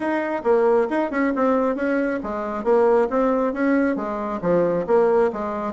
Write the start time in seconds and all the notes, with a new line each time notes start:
0.00 D#4
0.43 A#3
0.90 D#4
1.10 C#4
1.35 C4
1.75 C#4
2.23 G#3
2.64 A#3
3.09 C4
3.53 C#4
3.95 G#3
4.41 F3
4.86 A#3
5.32 G#3